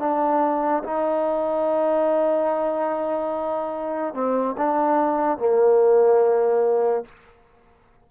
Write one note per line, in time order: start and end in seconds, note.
0.00 0.83 D4
0.84 4.14 D#4
4.14 4.56 C4
4.58 5.39 D4
5.39 7.05 A#3